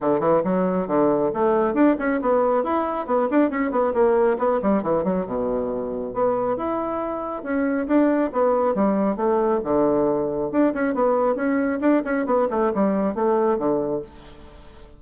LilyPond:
\new Staff \with { instrumentName = "bassoon" } { \time 4/4 \tempo 4 = 137 d8 e8 fis4 d4 a4 | d'8 cis'8 b4 e'4 b8 d'8 | cis'8 b8 ais4 b8 g8 e8 fis8 | b,2 b4 e'4~ |
e'4 cis'4 d'4 b4 | g4 a4 d2 | d'8 cis'8 b4 cis'4 d'8 cis'8 | b8 a8 g4 a4 d4 | }